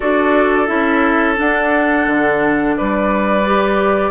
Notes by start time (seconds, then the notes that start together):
0.00 D4 F#4 A4 D5
0.66 C#4 E4 E5
1.35 D4 F#5
2.06 D3
2.76 G3 B4 D5
3.45 G4